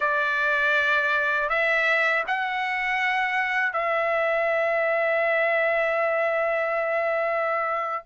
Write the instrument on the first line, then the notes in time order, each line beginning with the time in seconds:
trumpet
0.00 D5
1.49 E5
2.27 F#5
3.73 E5